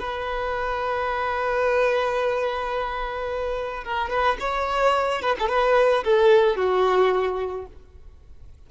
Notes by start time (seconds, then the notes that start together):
0.00 B4
3.85 A#4
4.10 B4
4.40 C#5
5.22 B4
5.40 A4
5.49 B4
6.05 A4
6.56 F#4